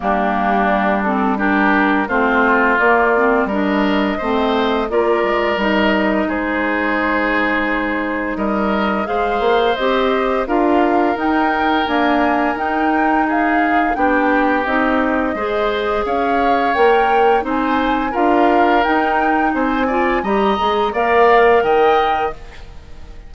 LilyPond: <<
  \new Staff \with { instrumentName = "flute" } { \time 4/4 \tempo 4 = 86 g'4. a'8 ais'4 c''4 | d''4 dis''2 d''4 | dis''4 c''2. | dis''4 f''4 dis''4 f''4 |
g''4 gis''4 g''4 f''4 | g''4 dis''2 f''4 | g''4 gis''4 f''4 g''4 | gis''4 ais''4 f''4 g''4 | }
  \new Staff \with { instrumentName = "oboe" } { \time 4/4 d'2 g'4 f'4~ | f'4 ais'4 c''4 ais'4~ | ais'4 gis'2. | ais'4 c''2 ais'4~ |
ais'2. gis'4 | g'2 c''4 cis''4~ | cis''4 c''4 ais'2 | c''8 d''8 dis''4 d''4 dis''4 | }
  \new Staff \with { instrumentName = "clarinet" } { \time 4/4 ais4. c'8 d'4 c'4 | ais8 c'8 d'4 c'4 f'4 | dis'1~ | dis'4 gis'4 g'4 f'4 |
dis'4 ais4 dis'2 | d'4 dis'4 gis'2 | ais'4 dis'4 f'4 dis'4~ | dis'8 f'8 g'8 gis'8 ais'2 | }
  \new Staff \with { instrumentName = "bassoon" } { \time 4/4 g2. a4 | ais4 g4 a4 ais8 gis8 | g4 gis2. | g4 gis8 ais8 c'4 d'4 |
dis'4 d'4 dis'2 | b4 c'4 gis4 cis'4 | ais4 c'4 d'4 dis'4 | c'4 g8 gis8 ais4 dis4 | }
>>